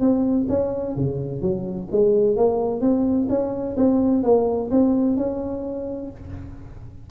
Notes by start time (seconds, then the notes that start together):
0.00 C4
0.49 C#4
0.96 C#3
1.42 F#3
1.92 G#3
2.37 A#3
2.81 C4
3.29 C#4
3.77 C4
4.23 A#3
4.71 C4
5.17 C#4